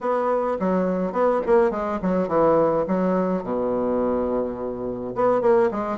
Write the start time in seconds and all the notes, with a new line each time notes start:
0.00 B3
0.59 F#3
1.12 B3
1.46 A#3
1.70 G#3
2.02 F#3
2.28 E3
2.87 F#3
3.43 B2
5.15 B3
5.41 A#3
5.71 G#3